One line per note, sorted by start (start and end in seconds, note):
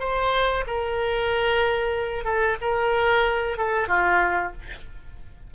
0.00 0.65 C5
0.67 2.24 A#4
2.24 2.57 A4
2.62 3.58 A#4
3.58 3.88 A4
3.88 4.53 F4